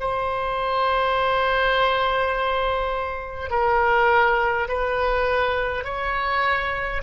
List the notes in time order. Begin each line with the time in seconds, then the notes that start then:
0.00 C5
3.50 A#4
4.68 B4
5.84 C#5